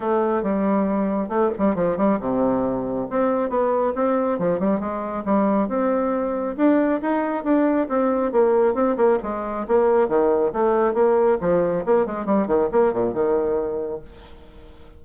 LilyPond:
\new Staff \with { instrumentName = "bassoon" } { \time 4/4 \tempo 4 = 137 a4 g2 a8 g8 | f8 g8 c2 c'4 | b4 c'4 f8 g8 gis4 | g4 c'2 d'4 |
dis'4 d'4 c'4 ais4 | c'8 ais8 gis4 ais4 dis4 | a4 ais4 f4 ais8 gis8 | g8 dis8 ais8 ais,8 dis2 | }